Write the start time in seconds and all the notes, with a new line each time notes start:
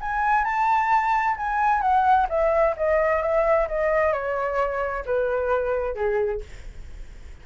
0.00 G#5
0.44 A5
1.36 G#5
1.81 F#5
2.29 E5
2.76 D#5
3.21 E5
3.67 D#5
4.12 C#5
5.05 B4
5.95 G#4